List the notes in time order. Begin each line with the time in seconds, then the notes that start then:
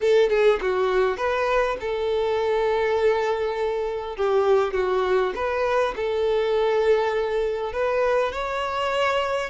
0.00 A4
0.29 G#4
0.61 F#4
1.17 B4
1.80 A4
4.16 G4
4.73 F#4
5.35 B4
5.96 A4
7.73 B4
8.32 C#5